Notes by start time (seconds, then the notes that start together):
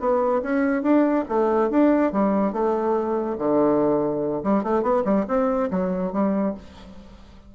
0.00 B3
0.42 C#4
0.83 D4
1.29 A3
1.70 D4
2.12 G3
2.53 A3
3.38 D3
4.43 G3
4.63 A3
4.83 B3
5.05 G3
5.28 C4
5.70 F#3
6.13 G3